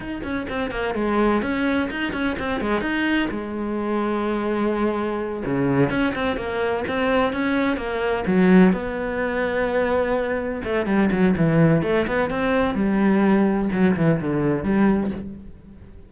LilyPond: \new Staff \with { instrumentName = "cello" } { \time 4/4 \tempo 4 = 127 dis'8 cis'8 c'8 ais8 gis4 cis'4 | dis'8 cis'8 c'8 gis8 dis'4 gis4~ | gis2.~ gis8 cis8~ | cis8 cis'8 c'8 ais4 c'4 cis'8~ |
cis'8 ais4 fis4 b4.~ | b2~ b8 a8 g8 fis8 | e4 a8 b8 c'4 g4~ | g4 fis8 e8 d4 g4 | }